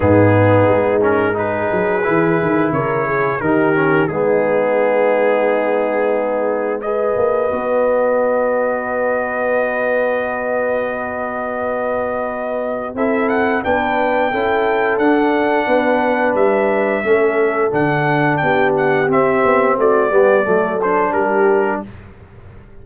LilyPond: <<
  \new Staff \with { instrumentName = "trumpet" } { \time 4/4 \tempo 4 = 88 gis'4. ais'8 b'2 | cis''4 ais'4 gis'2~ | gis'2 dis''2~ | dis''1~ |
dis''2. e''8 fis''8 | g''2 fis''2 | e''2 fis''4 g''8 fis''8 | e''4 d''4. c''8 ais'4 | }
  \new Staff \with { instrumentName = "horn" } { \time 4/4 dis'2 gis'2 | ais'8 gis'8 g'4 dis'2~ | dis'2 b'2~ | b'1~ |
b'2. a'4 | b'4 a'2 b'4~ | b'4 a'2 g'4~ | g'4 fis'8 g'8 a'4 g'4 | }
  \new Staff \with { instrumentName = "trombone" } { \time 4/4 b4. cis'8 dis'4 e'4~ | e'4 dis'8 cis'8 b2~ | b2 gis'4 fis'4~ | fis'1~ |
fis'2. e'4 | d'4 e'4 d'2~ | d'4 cis'4 d'2 | c'4. b8 a8 d'4. | }
  \new Staff \with { instrumentName = "tuba" } { \time 4/4 gis,4 gis4. fis8 e8 dis8 | cis4 dis4 gis2~ | gis2~ gis8 ais8 b4~ | b1~ |
b2. c'4 | b4 cis'4 d'4 b4 | g4 a4 d4 b4 | c'8 b8 a8 g8 fis4 g4 | }
>>